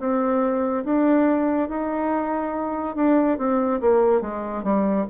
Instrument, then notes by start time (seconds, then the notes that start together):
bassoon
0.00 C4
0.85 D4
1.69 D#4
2.96 D4
3.38 C4
3.81 A#3
4.22 G#3
4.64 G3